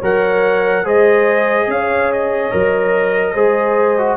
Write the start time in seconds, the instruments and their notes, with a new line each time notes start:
0.00 tuba F#3, trombone A#4, horn C#5, trumpet F#5
0.84 tuba G#3, trombone G#4, horn C5, trumpet D#5
1.68 tuba C#4, horn C#5, trumpet F5
2.13 trumpet D#5
2.51 tuba F#3, trombone A#4
3.34 tuba G#3, trombone G#4, horn C5
3.98 trombone F#4